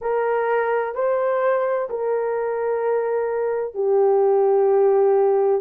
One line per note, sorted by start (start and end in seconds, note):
0.01 0.95 A#4
0.95 1.88 C5
1.89 3.74 A#4
3.74 5.61 G4